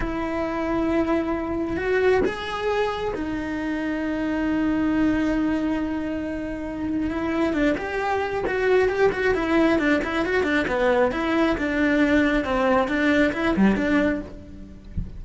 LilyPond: \new Staff \with { instrumentName = "cello" } { \time 4/4 \tempo 4 = 135 e'1 | fis'4 gis'2 dis'4~ | dis'1~ | dis'1 |
e'4 d'8 g'4. fis'4 | g'8 fis'8 e'4 d'8 e'8 fis'8 d'8 | b4 e'4 d'2 | c'4 d'4 e'8 g8 d'4 | }